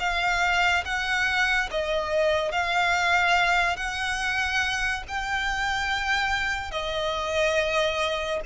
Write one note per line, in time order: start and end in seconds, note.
0.00 0.85 F5
0.85 1.70 F#5
1.71 2.52 D#5
2.52 3.77 F5
3.77 5.04 F#5
5.08 6.72 G5
6.72 8.41 D#5